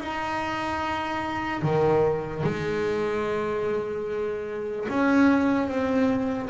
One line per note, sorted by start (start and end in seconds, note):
0.00 1.62 D#4
1.63 2.44 D#3
2.44 4.87 G#3
4.89 5.68 C#4
5.68 6.49 C4